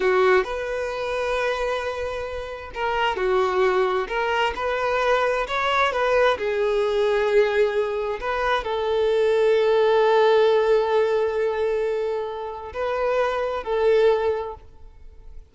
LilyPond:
\new Staff \with { instrumentName = "violin" } { \time 4/4 \tempo 4 = 132 fis'4 b'2.~ | b'2 ais'4 fis'4~ | fis'4 ais'4 b'2 | cis''4 b'4 gis'2~ |
gis'2 b'4 a'4~ | a'1~ | a'1 | b'2 a'2 | }